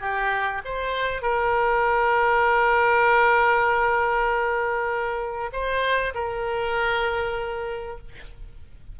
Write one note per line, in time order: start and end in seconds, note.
0.00 0.61 G4
0.65 1.22 C5
1.22 5.50 A#4
5.52 6.13 C5
6.14 7.98 A#4